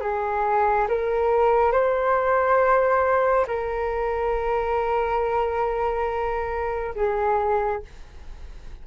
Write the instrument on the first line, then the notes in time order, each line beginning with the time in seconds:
flute
0.00 G#4
0.88 A#4
1.72 C5
3.47 A#4
6.95 G#4